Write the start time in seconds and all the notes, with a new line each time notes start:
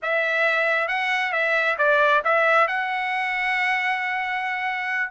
0.02 E5
0.87 F#5
1.32 E5
1.78 D5
2.24 E5
2.67 F#5